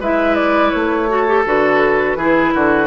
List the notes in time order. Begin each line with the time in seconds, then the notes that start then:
0.00 G#3 E4 B4 E5
0.35 D5
0.71 A3 C#5
1.10 F#4 A4
1.28 G4
1.46 D3 F#4 B4
2.16 E3 E4 G#4
2.55 D3 F#4